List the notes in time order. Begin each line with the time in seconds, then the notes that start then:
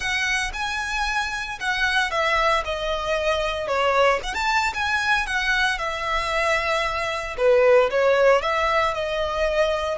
0.00 F#5
0.53 G#5
1.60 F#5
2.11 E5
2.64 D#5
3.67 C#5
4.23 F#5
4.33 A5
4.73 G#5
5.26 F#5
5.78 E5
7.37 B4
7.90 C#5
8.41 E5
8.93 D#5